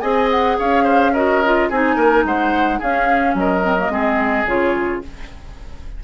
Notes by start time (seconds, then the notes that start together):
0.00 C4 G#4 D#5 G#5
0.31 F#5
0.59 C#4 C#5 F5
0.84 C5
1.13 F#4 A#4 D#5
1.45 F4
1.69 C4 D#4 G#4 G#5
1.96 A#3 A#4
2.24 G#3 C5 F#5
2.79 C#4 G#4 F5
3.34 F#3 A#4 D#5
3.62 C4
3.77 A#3
3.89 G#3 C4 G#4
4.45 C#3 F4 C#5